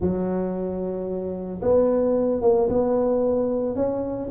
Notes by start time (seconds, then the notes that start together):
0.00 F#3
1.62 B3
2.41 A#3
2.68 B3
3.75 C#4